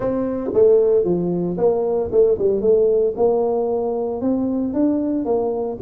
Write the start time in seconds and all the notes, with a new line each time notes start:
0.00 C4
0.53 A3
1.04 F3
1.57 A#3
2.11 A3
2.38 G3
2.61 A3
3.16 A#3
4.21 C4
4.73 D4
5.25 A#3